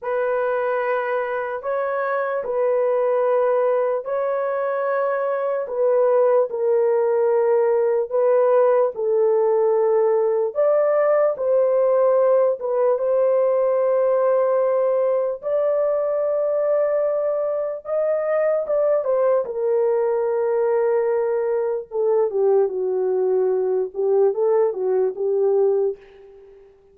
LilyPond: \new Staff \with { instrumentName = "horn" } { \time 4/4 \tempo 4 = 74 b'2 cis''4 b'4~ | b'4 cis''2 b'4 | ais'2 b'4 a'4~ | a'4 d''4 c''4. b'8 |
c''2. d''4~ | d''2 dis''4 d''8 c''8 | ais'2. a'8 g'8 | fis'4. g'8 a'8 fis'8 g'4 | }